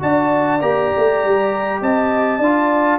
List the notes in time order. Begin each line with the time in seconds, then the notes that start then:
0.00 D4 F#4 D5 A5
0.61 A#3 G4 A#5
0.97 A3
1.24 G3
1.81 C4 D#5 A5
2.39 D4 F4 D5